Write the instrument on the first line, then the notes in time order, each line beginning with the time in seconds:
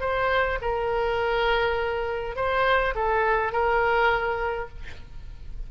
oboe
0.00 C5
0.61 A#4
2.36 C5
2.95 A4
3.52 A#4